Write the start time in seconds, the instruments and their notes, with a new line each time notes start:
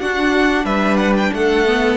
0.00 cello D4, viola D4, violin F#4 F#5
0.65 cello G3, violin B4 E5
0.97 violin F#5
1.18 violin G5
1.34 cello A3, violin A4 F#5
1.67 viola B3